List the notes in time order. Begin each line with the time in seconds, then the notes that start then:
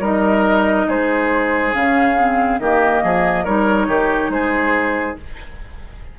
0.00 G3 D#4 A#4 D#5
0.88 G#3 G#4 C5
1.73 C#3 C#4 F5
2.18 C4
2.59 D#3 A#3 G4 D#5
3.03 F3 G#4
3.44 G3 D#4 A#4 C#5
3.87 D#3 G4
4.29 G#3 G#4 C5